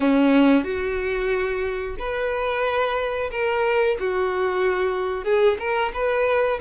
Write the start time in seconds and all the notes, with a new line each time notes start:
0.00 C#4
0.64 F#4
1.98 B4
3.31 A#4
3.99 F#4
5.24 G#4
5.59 A#4
5.93 B4